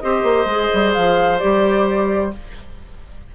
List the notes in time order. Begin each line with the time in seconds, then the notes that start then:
0.00 C4 G4 C5 D#5
0.23 A#3
0.46 G#3 G#4
0.74 G3
0.94 F3 F5
1.39 G3 G4 D5